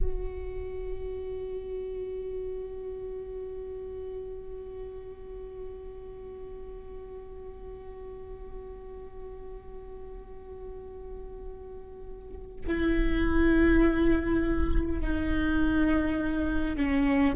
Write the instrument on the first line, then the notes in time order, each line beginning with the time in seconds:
viola
0.01 F#4
12.66 E4
15.01 D#4
16.76 C#4